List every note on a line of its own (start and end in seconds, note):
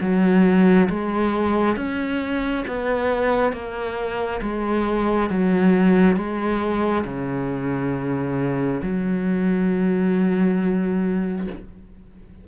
0.00 0.88 F#3
0.89 1.76 G#3
1.76 2.64 C#4
2.67 3.52 B3
3.52 4.40 A#3
4.42 5.29 G#3
5.29 6.16 F#3
6.16 7.04 G#3
7.04 8.81 C#3
8.82 11.47 F#3